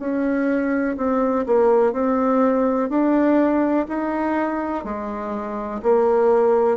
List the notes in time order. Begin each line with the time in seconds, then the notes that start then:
0.00 C#4
0.97 C4
1.46 A#3
1.93 C4
2.90 D4
3.88 D#4
4.84 G#3
5.83 A#3